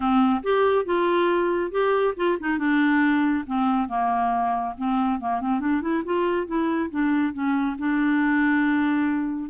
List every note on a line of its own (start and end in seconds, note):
0.00 0.41 C4
0.43 0.85 G4
0.85 1.71 F4
1.71 2.14 G4
2.16 2.38 F4
2.40 2.58 D#4
2.58 3.44 D4
3.46 3.88 C4
3.88 4.74 A#3
4.77 5.20 C4
5.20 5.41 A#3
5.41 5.60 C4
5.60 5.81 D4
5.81 6.03 E4
6.05 6.46 F4
6.46 6.89 E4
6.90 7.33 D4
7.33 7.76 C#4
7.78 9.50 D4